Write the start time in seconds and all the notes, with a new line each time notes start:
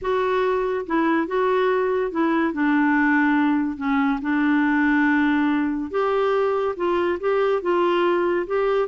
0.01 F#4
0.86 E4
1.27 F#4
2.11 E4
2.53 D4
3.77 C#4
4.21 D4
5.90 G4
6.76 F4
7.19 G4
7.62 F4
8.46 G4